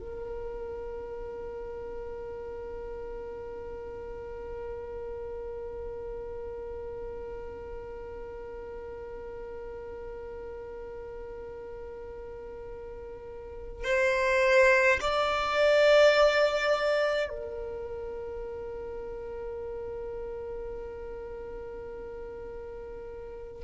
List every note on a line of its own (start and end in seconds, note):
0.00 13.85 A#4
13.85 15.00 C5
15.01 17.30 D5
17.30 23.64 A#4